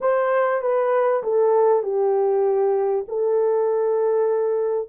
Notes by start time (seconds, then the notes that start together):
0.00 C5
0.61 B4
1.23 A4
1.83 G4
3.08 A4